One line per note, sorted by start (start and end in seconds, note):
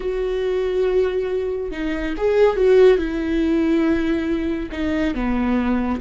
0.00 1.71 F#4
1.71 2.14 D#4
2.17 2.56 G#4
2.56 2.97 F#4
2.97 4.69 E4
4.71 5.14 D#4
5.14 6.00 B3